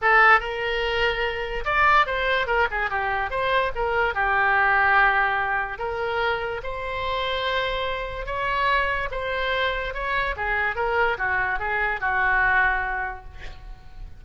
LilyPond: \new Staff \with { instrumentName = "oboe" } { \time 4/4 \tempo 4 = 145 a'4 ais'2. | d''4 c''4 ais'8 gis'8 g'4 | c''4 ais'4 g'2~ | g'2 ais'2 |
c''1 | cis''2 c''2 | cis''4 gis'4 ais'4 fis'4 | gis'4 fis'2. | }